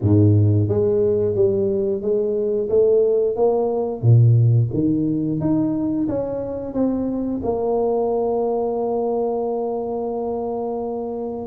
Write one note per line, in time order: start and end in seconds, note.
0.01 0.68 G#2
0.68 1.35 G#3
1.35 2.01 G3
2.01 2.68 G#3
2.69 3.36 A3
3.36 4.01 A#3
4.01 4.69 A#2
4.73 5.40 D#3
5.40 6.07 D#4
6.08 6.73 C#4
6.73 7.40 C4
7.43 11.46 A#3